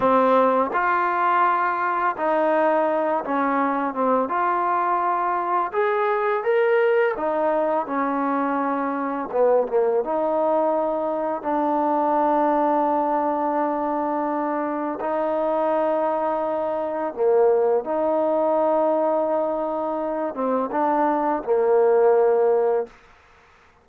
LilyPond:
\new Staff \with { instrumentName = "trombone" } { \time 4/4 \tempo 4 = 84 c'4 f'2 dis'4~ | dis'8 cis'4 c'8 f'2 | gis'4 ais'4 dis'4 cis'4~ | cis'4 b8 ais8 dis'2 |
d'1~ | d'4 dis'2. | ais4 dis'2.~ | dis'8 c'8 d'4 ais2 | }